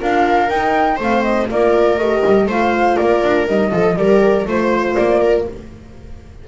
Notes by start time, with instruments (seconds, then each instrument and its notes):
0.00 double bass D4, horn F4, viola A#4, flute F5
0.50 double bass D#4, horn D#4, flute G5
0.96 double bass A3, horn C4, viola C5
1.04 flute F5
1.23 flute D#5
1.50 double bass A#3, horn F4, viola A#4, flute D5
1.98 double bass A3, horn G4, flute D#5
2.26 double bass G3
2.47 double bass A3, horn F4, viola C5, flute F5
2.97 double bass A#3, viola A#4, flute D5
3.24 double bass D4
3.48 double bass G3, horn D#4, flute D#5
3.72 double bass F3, horn F4, viola A4
3.97 double bass G3, horn G4, viola A#4, flute D5
4.47 double bass A3, horn F4, viola C5, flute C5
4.95 double bass A#3, flute D5
5.21 viola A#4